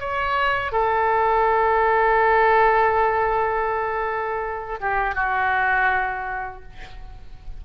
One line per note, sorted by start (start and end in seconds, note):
0.00 0.72 C#5
0.72 4.80 A4
4.80 5.15 G4
5.15 6.63 F#4